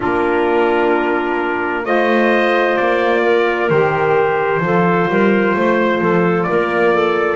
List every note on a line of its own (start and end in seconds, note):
0.00 1.85 A#3
0.00 1.83 D4
0.00 1.85 F4
0.00 1.85 A#4
1.83 2.77 A3
1.83 3.68 F4
1.83 3.22 C5
1.83 2.77 D#5
2.77 3.69 A#3
2.77 3.69 D5
3.22 4.61 A#4
3.69 4.59 D#3
3.69 4.61 G4
3.69 6.43 C5
4.59 5.06 F3
4.59 7.35 F4
4.59 5.10 A4
5.08 5.54 G3
5.08 5.56 A#4
5.55 6.01 A3
5.55 6.01 C5
6.01 6.47 F3
6.01 6.47 A4
6.43 6.93 A#4
6.43 7.35 D5
6.50 7.35 A#3
6.93 7.35 A4